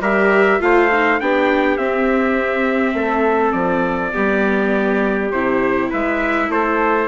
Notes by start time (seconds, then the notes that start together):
0.00 G3 G4 A#4 E5
0.60 A3 F4 C5 F5
0.92 D#4
1.20 B3 D4 G4 G5
1.77 C4 E5
2.94 A3 A4
3.52 F3 D5
4.12 G3 B3 G4
5.31 C3 E4 C5
5.90 G#3 B4 E5
6.49 A3 A4 C5